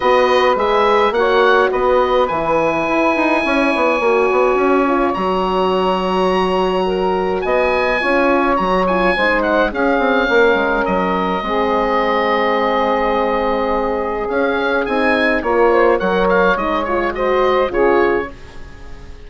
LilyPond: <<
  \new Staff \with { instrumentName = "oboe" } { \time 4/4 \tempo 4 = 105 dis''4 e''4 fis''4 dis''4 | gis''1~ | gis''4 ais''2.~ | ais''4 gis''2 ais''8 gis''8~ |
gis''8 fis''8 f''2 dis''4~ | dis''1~ | dis''4 f''4 gis''4 cis''4 | fis''8 f''8 dis''8 cis''8 dis''4 cis''4 | }
  \new Staff \with { instrumentName = "saxophone" } { \time 4/4 b'2 cis''4 b'4~ | b'2 cis''2~ | cis''1 | ais'4 dis''4 cis''2 |
c''4 gis'4 ais'2 | gis'1~ | gis'2. ais'8 c''8 | cis''2 c''4 gis'4 | }
  \new Staff \with { instrumentName = "horn" } { \time 4/4 fis'4 gis'4 fis'2 | e'2. fis'4~ | fis'8 f'8 fis'2.~ | fis'2 f'4 fis'8 f'8 |
dis'4 cis'2. | c'1~ | c'4 cis'4 dis'4 f'4 | ais'4 dis'8 f'8 fis'4 f'4 | }
  \new Staff \with { instrumentName = "bassoon" } { \time 4/4 b4 gis4 ais4 b4 | e4 e'8 dis'8 cis'8 b8 ais8 b8 | cis'4 fis2.~ | fis4 b4 cis'4 fis4 |
gis4 cis'8 c'8 ais8 gis8 fis4 | gis1~ | gis4 cis'4 c'4 ais4 | fis4 gis2 cis4 | }
>>